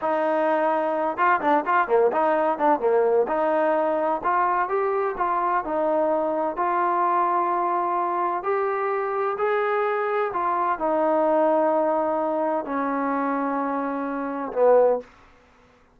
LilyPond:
\new Staff \with { instrumentName = "trombone" } { \time 4/4 \tempo 4 = 128 dis'2~ dis'8 f'8 d'8 f'8 | ais8 dis'4 d'8 ais4 dis'4~ | dis'4 f'4 g'4 f'4 | dis'2 f'2~ |
f'2 g'2 | gis'2 f'4 dis'4~ | dis'2. cis'4~ | cis'2. b4 | }